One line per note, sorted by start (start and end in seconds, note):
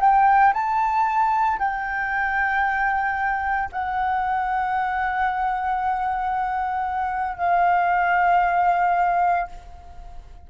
0.00 0.53 G5
0.53 1.58 A5
1.58 3.69 G5
3.72 7.37 F#5
7.37 9.47 F5